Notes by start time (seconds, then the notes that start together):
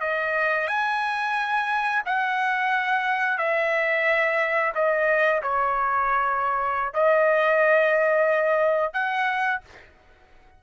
0.00 D#5
0.67 G#5
2.05 F#5
3.38 E5
4.74 D#5
5.42 C#5
6.93 D#5
8.93 F#5